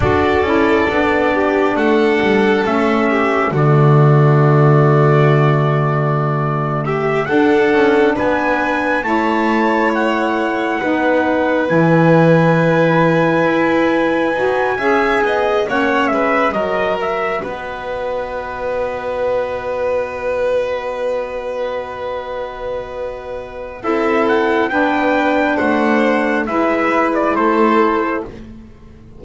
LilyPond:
<<
  \new Staff \with { instrumentName = "trumpet" } { \time 4/4 \tempo 4 = 68 d''2 fis''4 e''4 | d''2.~ d''8. e''16~ | e''16 fis''4 gis''4 a''4 fis''8.~ | fis''4~ fis''16 gis''2~ gis''8.~ |
gis''4.~ gis''16 fis''8 e''8 dis''8 e''8 dis''16~ | dis''1~ | dis''2. e''8 fis''8 | g''4 fis''4 e''8. d''16 c''4 | }
  \new Staff \with { instrumentName = "violin" } { \time 4/4 a'4. g'8 a'4. g'8 | fis'2.~ fis'8. g'16~ | g'16 a'4 b'4 cis''4.~ cis''16~ | cis''16 b'2.~ b'8.~ |
b'8. e''8 dis''8 cis''8 b'8 ais'4 b'16~ | b'1~ | b'2. a'4 | b'4 c''4 b'4 a'4 | }
  \new Staff \with { instrumentName = "saxophone" } { \time 4/4 fis'8 e'8 d'2 cis'4 | a1~ | a16 d'2 e'4.~ e'16~ | e'16 dis'4 e'2~ e'8.~ |
e'16 fis'8 gis'4 cis'4 fis'4~ fis'16~ | fis'1~ | fis'2. e'4 | d'2 e'2 | }
  \new Staff \with { instrumentName = "double bass" } { \time 4/4 d'8 cis'8 b4 a8 g8 a4 | d1~ | d16 d'8 cis'8 b4 a4.~ a16~ | a16 b4 e2 e'8.~ |
e'16 dis'8 cis'8 b8 ais8 gis8 fis4 b16~ | b1~ | b2. c'4 | b4 a4 gis4 a4 | }
>>